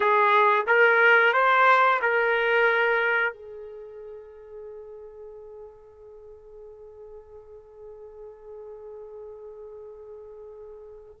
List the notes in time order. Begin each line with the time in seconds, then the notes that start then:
0.00 G#4
0.66 A#4
1.33 C5
2.01 A#4
3.33 G#4